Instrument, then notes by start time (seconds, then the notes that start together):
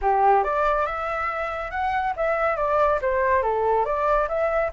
flute
0.01 G4
0.43 D5
0.86 E5
1.70 F#5
2.16 E5
2.56 D5
3.01 C5
3.42 A4
3.85 D5
4.28 E5